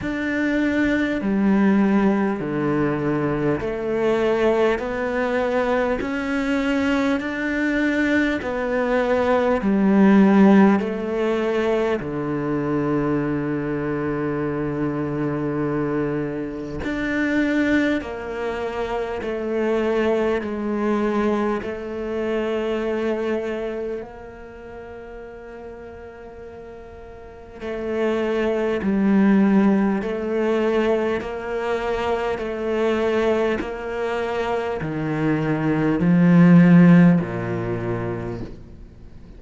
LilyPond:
\new Staff \with { instrumentName = "cello" } { \time 4/4 \tempo 4 = 50 d'4 g4 d4 a4 | b4 cis'4 d'4 b4 | g4 a4 d2~ | d2 d'4 ais4 |
a4 gis4 a2 | ais2. a4 | g4 a4 ais4 a4 | ais4 dis4 f4 ais,4 | }